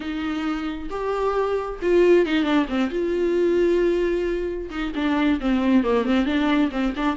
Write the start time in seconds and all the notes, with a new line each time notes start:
0.00 D#4
0.90 G4
1.82 F4
2.26 D#4
2.43 D4
2.68 C4
2.90 F4
4.70 D#4
4.95 D4
5.40 C4
5.83 A#3
6.05 C4
6.25 D4
6.71 C4
6.96 D4